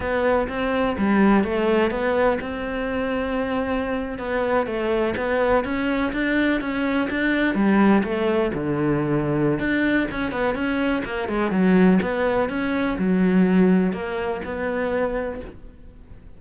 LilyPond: \new Staff \with { instrumentName = "cello" } { \time 4/4 \tempo 4 = 125 b4 c'4 g4 a4 | b4 c'2.~ | c'8. b4 a4 b4 cis'16~ | cis'8. d'4 cis'4 d'4 g16~ |
g8. a4 d2~ d16 | d'4 cis'8 b8 cis'4 ais8 gis8 | fis4 b4 cis'4 fis4~ | fis4 ais4 b2 | }